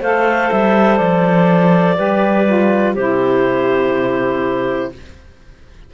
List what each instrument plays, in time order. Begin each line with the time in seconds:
0.00 cello A3, saxophone A4, clarinet C5 F5
0.51 cello G3, clarinet E5
0.97 cello F3, clarinet D5
1.95 cello G3, saxophone G4, clarinet B4
2.46 saxophone F4
2.95 cello C3, saxophone E4, clarinet G4 C5